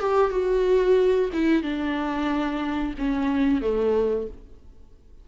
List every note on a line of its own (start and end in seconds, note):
0.00 0.31 G4
0.31 1.30 F#4
1.33 1.62 E4
1.62 2.94 D4
2.98 3.61 C#4
3.61 4.27 A3